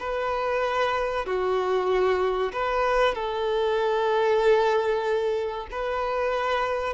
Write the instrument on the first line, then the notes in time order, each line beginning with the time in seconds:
violin
0.00 B4
1.26 F#4
2.53 B4
3.15 A4
5.72 B4